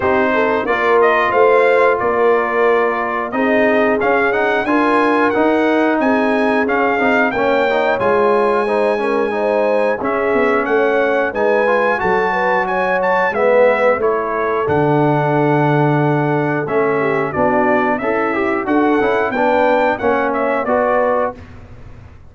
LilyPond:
<<
  \new Staff \with { instrumentName = "trumpet" } { \time 4/4 \tempo 4 = 90 c''4 d''8 dis''8 f''4 d''4~ | d''4 dis''4 f''8 fis''8 gis''4 | fis''4 gis''4 f''4 g''4 | gis''2. e''4 |
fis''4 gis''4 a''4 gis''8 a''8 | e''4 cis''4 fis''2~ | fis''4 e''4 d''4 e''4 | fis''4 g''4 fis''8 e''8 d''4 | }
  \new Staff \with { instrumentName = "horn" } { \time 4/4 g'8 a'8 ais'4 c''4 ais'4~ | ais'4 gis'2 ais'4~ | ais'4 gis'2 cis''4~ | cis''4 c''8 ais'8 c''4 gis'4 |
cis''4 b'4 a'8 b'8 cis''4 | b'4 a'2.~ | a'4. g'8 fis'4 e'4 | a'4 b'4 cis''4 b'4 | }
  \new Staff \with { instrumentName = "trombone" } { \time 4/4 dis'4 f'2.~ | f'4 dis'4 cis'8 dis'8 f'4 | dis'2 cis'8 dis'8 cis'8 dis'8 | f'4 dis'8 cis'8 dis'4 cis'4~ |
cis'4 dis'8 f'8 fis'2 | b4 e'4 d'2~ | d'4 cis'4 d'4 a'8 g'8 | fis'8 e'8 d'4 cis'4 fis'4 | }
  \new Staff \with { instrumentName = "tuba" } { \time 4/4 c'4 ais4 a4 ais4~ | ais4 c'4 cis'4 d'4 | dis'4 c'4 cis'8 c'8 ais4 | gis2. cis'8 b8 |
a4 gis4 fis2 | gis4 a4 d2~ | d4 a4 b4 cis'4 | d'8 cis'8 b4 ais4 b4 | }
>>